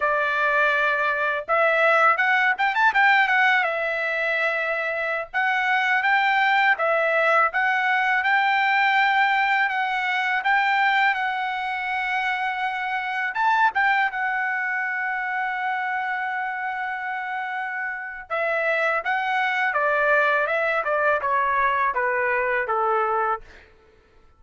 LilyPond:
\new Staff \with { instrumentName = "trumpet" } { \time 4/4 \tempo 4 = 82 d''2 e''4 fis''8 g''16 a''16 | g''8 fis''8 e''2~ e''16 fis''8.~ | fis''16 g''4 e''4 fis''4 g''8.~ | g''4~ g''16 fis''4 g''4 fis''8.~ |
fis''2~ fis''16 a''8 g''8 fis''8.~ | fis''1~ | fis''4 e''4 fis''4 d''4 | e''8 d''8 cis''4 b'4 a'4 | }